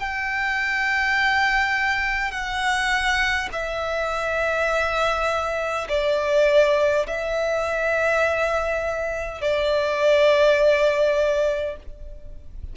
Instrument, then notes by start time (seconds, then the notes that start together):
violin
0.00 G5
2.32 F#5
3.53 E5
5.89 D5
7.07 E5
9.42 D5